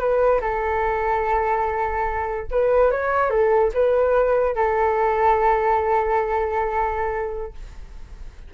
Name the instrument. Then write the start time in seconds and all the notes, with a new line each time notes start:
flute
0.00 B4
0.41 A4
2.51 B4
2.91 C#5
3.31 A4
3.74 B4
4.56 A4